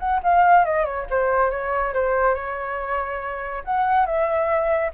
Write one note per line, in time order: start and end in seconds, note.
0.00 0.21 F#5
0.24 0.65 F5
0.65 0.85 D#5
0.85 1.07 C#5
1.10 1.51 C5
1.51 1.94 C#5
1.94 2.35 C5
2.35 3.64 C#5
3.65 4.06 F#5
4.06 4.92 E5